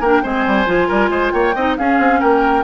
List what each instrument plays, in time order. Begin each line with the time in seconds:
0.00 bassoon A#3, clarinet D4, oboe A#4, flute G5
0.23 bassoon G#3, clarinet C4, oboe C5, flute G#5
0.46 bassoon G3
0.66 bassoon F3, clarinet F4
0.87 bassoon G3, oboe A#4
1.10 bassoon G#3, oboe C5
1.31 bassoon A#3, oboe C#5, flute G5
1.54 bassoon C4, clarinet D#4, oboe D#5
1.77 clarinet C#4, bassoon C#4, oboe G#4, flute F5
1.98 bassoon C4
2.20 bassoon A#3, oboe A#4, flute G5